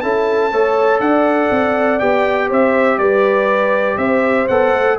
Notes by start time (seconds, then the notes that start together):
0.00 C#4 E4 A4 A5
0.52 A3 A4 C#5
0.99 D4 D5 F#5
1.50 C4
1.99 B3 G4 G5
2.48 C4 C5 E5
2.97 G3 B4 D5
3.97 C4 C5 E5
4.48 B3 A4 F#5
4.73 A3